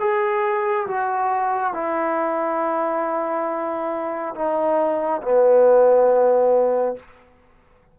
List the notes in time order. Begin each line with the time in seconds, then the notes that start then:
0.00 G#4
0.87 F#4
1.74 E4
4.35 D#4
5.23 B3